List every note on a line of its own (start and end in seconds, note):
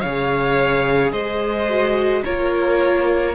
0.00 1.12 C#3
0.00 1.69 G#4
0.00 1.11 C#5
0.00 1.11 F5
1.12 2.23 G#3
1.12 2.23 C5
1.12 2.23 D#5
1.69 2.24 F#4
2.24 3.34 A#3
2.24 3.34 F4
2.24 3.34 A#4
2.24 3.34 C#5